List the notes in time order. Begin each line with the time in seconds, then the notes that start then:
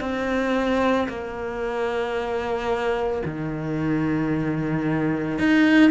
0.00 C4
1.09 A#3
3.25 D#3
5.39 D#4